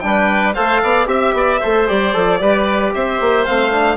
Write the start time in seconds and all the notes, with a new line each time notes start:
0.00 G3 D4 G5
0.06 B4
0.54 A3 A4 C5 F5
0.83 B3 D5
1.06 C4 G4 E5
1.33 B3 D5
1.60 A3 A4 C5
1.87 G3 G4 D5
2.13 F3 A4
2.40 G3 G4 B4
2.94 C4 C5 E5
3.20 A#3
3.46 A3 C4 F5
3.71 D4